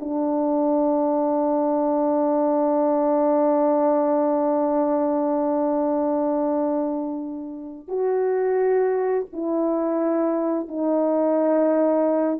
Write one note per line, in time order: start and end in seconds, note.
0.00 7.88 D4
7.88 9.26 F#4
9.33 10.68 E4
10.68 12.39 D#4